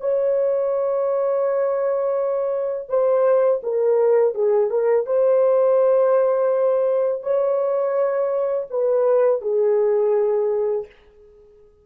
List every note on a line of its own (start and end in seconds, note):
0.00 2.88 C#5
2.88 3.61 C5
3.63 4.34 A#4
4.34 4.70 G#4
4.70 5.06 A#4
5.06 7.22 C5
7.22 8.67 C#5
8.70 9.41 B4
9.41 10.86 G#4